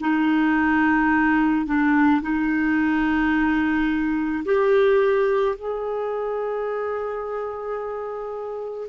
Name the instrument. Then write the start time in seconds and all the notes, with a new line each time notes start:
clarinet
0.00 D#4
1.66 D4
2.22 D#4
4.44 G4
5.56 G#4